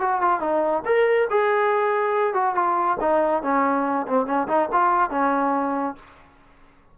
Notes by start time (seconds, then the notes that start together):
0.00 F#4
0.21 F4
0.40 D#4
0.85 A#4
1.30 G#4
2.34 F#4
2.55 F4
3.00 D#4
3.43 C#4
4.07 C4
4.26 C#4
4.47 D#4
4.72 F4
5.10 C#4